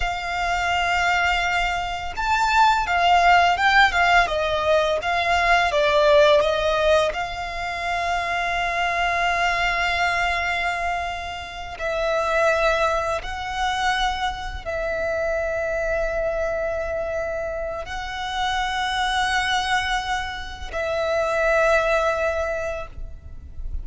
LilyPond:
\new Staff \with { instrumentName = "violin" } { \time 4/4 \tempo 4 = 84 f''2. a''4 | f''4 g''8 f''8 dis''4 f''4 | d''4 dis''4 f''2~ | f''1~ |
f''8 e''2 fis''4.~ | fis''8 e''2.~ e''8~ | e''4 fis''2.~ | fis''4 e''2. | }